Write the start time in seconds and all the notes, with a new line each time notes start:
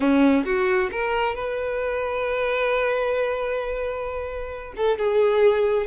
0.00 C#4
0.45 F#4
0.91 A#4
1.35 B4
4.76 A4
4.97 G#4